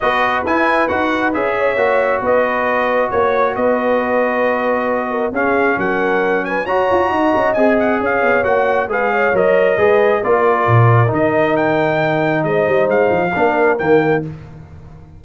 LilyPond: <<
  \new Staff \with { instrumentName = "trumpet" } { \time 4/4 \tempo 4 = 135 dis''4 gis''4 fis''4 e''4~ | e''4 dis''2 cis''4 | dis''1 | f''4 fis''4. gis''8 ais''4~ |
ais''4 gis''8 fis''8 f''4 fis''4 | f''4 dis''2 d''4~ | d''4 dis''4 g''2 | dis''4 f''2 g''4 | }
  \new Staff \with { instrumentName = "horn" } { \time 4/4 b'2.~ b'8 cis''8~ | cis''4 b'2 cis''4 | b'2.~ b'8 ais'8 | gis'4 ais'4. b'8 cis''4 |
dis''2 cis''2 | b'8 cis''4. b'4 ais'4~ | ais'1 | c''2 ais'2 | }
  \new Staff \with { instrumentName = "trombone" } { \time 4/4 fis'4 e'4 fis'4 gis'4 | fis'1~ | fis'1 | cis'2. fis'4~ |
fis'4 gis'2 fis'4 | gis'4 ais'4 gis'4 f'4~ | f'4 dis'2.~ | dis'2 d'4 ais4 | }
  \new Staff \with { instrumentName = "tuba" } { \time 4/4 b4 e'4 dis'4 cis'4 | ais4 b2 ais4 | b1 | cis'4 fis2 fis'8 f'8 |
dis'8 cis'8 c'4 cis'8 b8 ais4 | gis4 fis4 gis4 ais4 | ais,4 dis2. | gis8 g8 gis8 f8 ais4 dis4 | }
>>